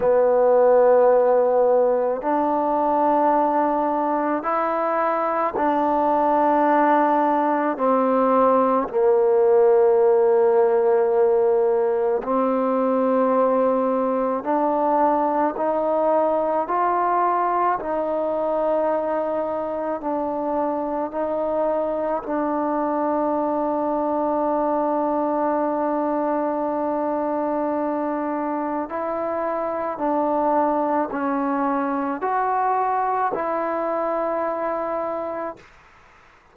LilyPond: \new Staff \with { instrumentName = "trombone" } { \time 4/4 \tempo 4 = 54 b2 d'2 | e'4 d'2 c'4 | ais2. c'4~ | c'4 d'4 dis'4 f'4 |
dis'2 d'4 dis'4 | d'1~ | d'2 e'4 d'4 | cis'4 fis'4 e'2 | }